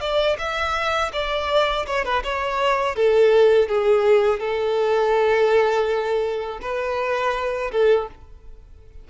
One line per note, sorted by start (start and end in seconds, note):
0.00 0.37 D5
0.38 1.11 E5
1.12 1.86 D5
1.86 2.04 C#5
2.04 2.23 B4
2.23 2.95 C#5
2.95 3.68 A4
3.68 4.39 G#4
4.39 6.59 A4
6.61 7.71 B4
7.71 8.08 A4